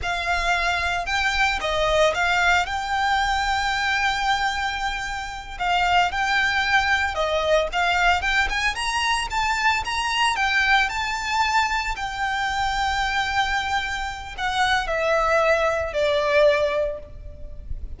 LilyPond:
\new Staff \with { instrumentName = "violin" } { \time 4/4 \tempo 4 = 113 f''2 g''4 dis''4 | f''4 g''2.~ | g''2~ g''8 f''4 g''8~ | g''4. dis''4 f''4 g''8 |
gis''8 ais''4 a''4 ais''4 g''8~ | g''8 a''2 g''4.~ | g''2. fis''4 | e''2 d''2 | }